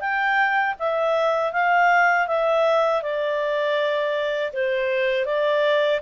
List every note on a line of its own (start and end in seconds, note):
0.00 0.75 G5
0.79 1.53 E5
1.53 2.27 F5
2.27 3.02 E5
3.02 4.52 D5
4.53 5.25 C5
5.25 6.00 D5